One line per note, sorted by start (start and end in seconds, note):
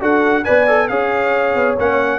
0.00 0.44 D4
0.00 0.44 F#4
0.00 0.45 A4
0.00 0.44 F#5
0.44 0.89 B3
0.44 0.67 B4
0.44 0.89 D5
0.44 0.87 G#5
0.67 0.89 A4
0.87 1.54 C#4
0.87 1.77 G#4
0.87 2.19 C#5
0.87 1.75 F5
1.54 1.76 B3
1.78 2.19 A#3
1.78 2.19 C#4
1.78 2.19 F#5